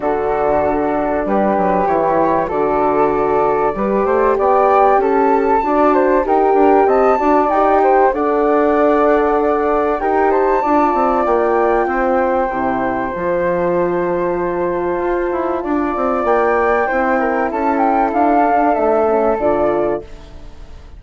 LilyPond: <<
  \new Staff \with { instrumentName = "flute" } { \time 4/4 \tempo 4 = 96 a'2 b'4 cis''4 | d''2. g''4 | a''2 g''4 a''4 | g''4 fis''2. |
g''8 a''4. g''2~ | g''4 a''2.~ | a''2 g''2 | a''8 g''8 f''4 e''4 d''4 | }
  \new Staff \with { instrumentName = "flute" } { \time 4/4 fis'2 g'2 | a'2 b'8 c''8 d''4 | a'4 d''8 c''8 ais'4 dis''8 d''8~ | d''8 c''8 d''2. |
ais'8 c''8 d''2 c''4~ | c''1~ | c''4 d''2 c''8 ais'8 | a'1 | }
  \new Staff \with { instrumentName = "horn" } { \time 4/4 d'2. e'4 | fis'2 g'2~ | g'4 fis'4 g'4. fis'8 | g'4 a'2. |
g'4 f'2. | e'4 f'2.~ | f'2. e'4~ | e'4. d'4 cis'8 f'4 | }
  \new Staff \with { instrumentName = "bassoon" } { \time 4/4 d2 g8 fis8 e4 | d2 g8 a8 b4 | cis'4 d'4 dis'8 d'8 c'8 d'8 | dis'4 d'2. |
dis'4 d'8 c'8 ais4 c'4 | c4 f2. | f'8 e'8 d'8 c'8 ais4 c'4 | cis'4 d'4 a4 d4 | }
>>